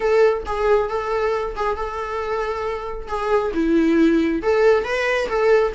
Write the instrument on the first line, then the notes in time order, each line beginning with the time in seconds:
viola
0.00 A4
0.46 G#4
0.89 A4
1.55 G#4
1.76 A4
3.07 G#4
3.54 E4
4.42 A4
4.84 B4
5.28 A4